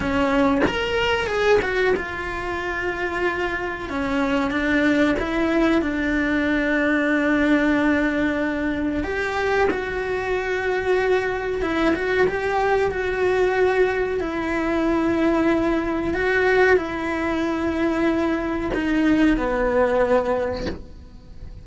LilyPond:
\new Staff \with { instrumentName = "cello" } { \time 4/4 \tempo 4 = 93 cis'4 ais'4 gis'8 fis'8 f'4~ | f'2 cis'4 d'4 | e'4 d'2.~ | d'2 g'4 fis'4~ |
fis'2 e'8 fis'8 g'4 | fis'2 e'2~ | e'4 fis'4 e'2~ | e'4 dis'4 b2 | }